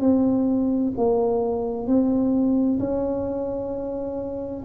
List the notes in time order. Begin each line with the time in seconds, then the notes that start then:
0.00 C4
0.97 A#3
1.87 C4
2.79 C#4